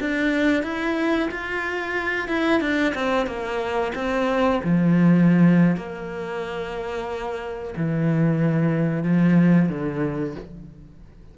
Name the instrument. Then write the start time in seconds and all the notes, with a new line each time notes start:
cello
0.00 D4
0.63 E4
1.30 F4
2.28 E4
2.60 D4
2.94 C4
3.26 A#3
3.95 C4
4.63 F3
5.76 A#3
7.77 E3
9.03 F3
9.69 D3